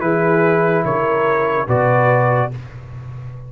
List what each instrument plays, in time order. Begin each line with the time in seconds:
0.00 tuba E3, trombone E4, horn G#4, trumpet B4
0.84 tuba C#3, horn A#4, trumpet C#5
1.67 tuba B2, trombone F#4, horn B4, trumpet D5